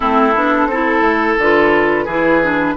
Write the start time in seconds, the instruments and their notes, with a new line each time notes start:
0.00 bassoon A3, clarinet C4, oboe E4, flute A4
0.35 bassoon B3, clarinet D4
0.66 bassoon C4, clarinet E4, oboe A4
1.00 bassoon A3
1.38 bassoon D3, clarinet F4, flute B4
2.04 bassoon E3, clarinet E4, oboe G#4
2.42 clarinet D4